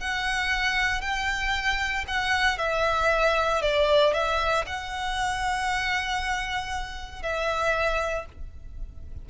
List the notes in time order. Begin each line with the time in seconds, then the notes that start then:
0.00 F#5
1.01 G5
2.08 F#5
2.58 E5
3.62 D5
4.14 E5
4.66 F#5
7.22 E5